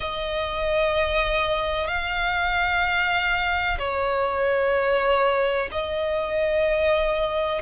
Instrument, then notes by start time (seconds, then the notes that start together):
violin
0.00 D#5
1.87 F5
3.78 C#5
5.71 D#5